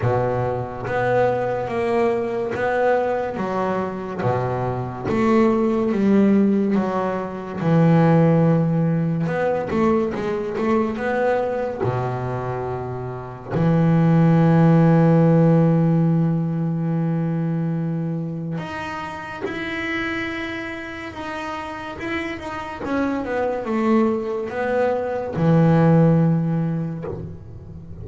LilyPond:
\new Staff \with { instrumentName = "double bass" } { \time 4/4 \tempo 4 = 71 b,4 b4 ais4 b4 | fis4 b,4 a4 g4 | fis4 e2 b8 a8 | gis8 a8 b4 b,2 |
e1~ | e2 dis'4 e'4~ | e'4 dis'4 e'8 dis'8 cis'8 b8 | a4 b4 e2 | }